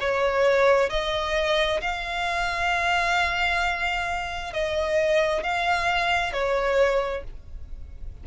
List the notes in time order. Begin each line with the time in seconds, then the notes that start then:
0.00 C#5
0.90 D#5
1.81 F5
4.53 D#5
5.43 F5
6.33 C#5